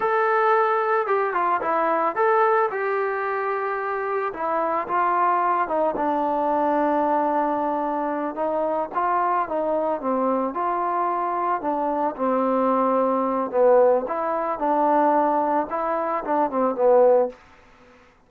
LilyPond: \new Staff \with { instrumentName = "trombone" } { \time 4/4 \tempo 4 = 111 a'2 g'8 f'8 e'4 | a'4 g'2. | e'4 f'4. dis'8 d'4~ | d'2.~ d'8 dis'8~ |
dis'8 f'4 dis'4 c'4 f'8~ | f'4. d'4 c'4.~ | c'4 b4 e'4 d'4~ | d'4 e'4 d'8 c'8 b4 | }